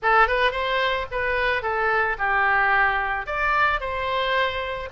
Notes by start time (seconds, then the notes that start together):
0.02 A4
0.27 B4
0.51 C5
1.11 B4
1.62 A4
2.18 G4
3.26 D5
3.80 C5